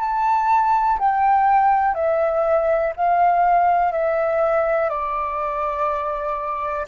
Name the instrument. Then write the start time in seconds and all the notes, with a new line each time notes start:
flute
0.00 A5
0.99 G5
1.95 E5
2.96 F5
3.92 E5
4.90 D5